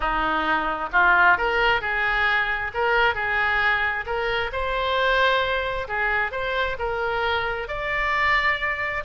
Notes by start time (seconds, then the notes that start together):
0.00 D#4
0.92 F4
1.37 A#4
1.81 G#4
2.74 A#4
3.15 G#4
4.05 A#4
4.52 C5
5.87 G#4
6.31 C5
6.78 A#4
7.68 D5